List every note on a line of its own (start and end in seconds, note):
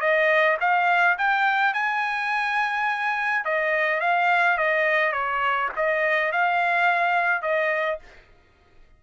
0.00 0.57 D#5
0.60 1.17 F5
1.18 1.74 G5
1.74 3.45 G#5
3.45 4.00 D#5
4.00 4.57 F5
4.57 5.12 D#5
5.12 5.69 C#5
5.76 6.32 D#5
6.32 7.42 F5
7.42 7.99 D#5